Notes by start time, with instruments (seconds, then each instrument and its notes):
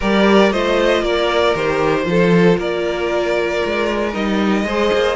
0.00 cello G3, viola G4, violin A#4 D5
0.51 cello A3, viola F4, violin C5 D#5
1.02 cello A#3, violin A#4 D5
1.54 cello D#3, viola G4, violin C5
2.03 cello F3, viola F4
2.10 violin A4
2.57 cello A#3, violin A#4 D5
3.65 cello G#3
4.13 cello G3, viola D#4, violin D#5
4.64 cello G#3, viola G#4, violin C5
4.93 cello A#3